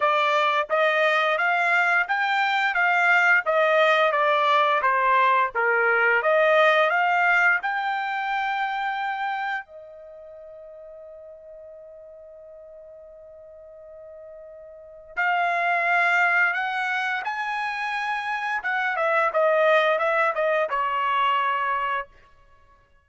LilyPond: \new Staff \with { instrumentName = "trumpet" } { \time 4/4 \tempo 4 = 87 d''4 dis''4 f''4 g''4 | f''4 dis''4 d''4 c''4 | ais'4 dis''4 f''4 g''4~ | g''2 dis''2~ |
dis''1~ | dis''2 f''2 | fis''4 gis''2 fis''8 e''8 | dis''4 e''8 dis''8 cis''2 | }